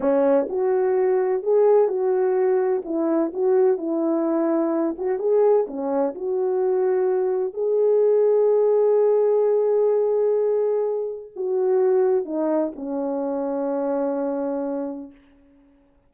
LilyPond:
\new Staff \with { instrumentName = "horn" } { \time 4/4 \tempo 4 = 127 cis'4 fis'2 gis'4 | fis'2 e'4 fis'4 | e'2~ e'8 fis'8 gis'4 | cis'4 fis'2. |
gis'1~ | gis'1 | fis'2 dis'4 cis'4~ | cis'1 | }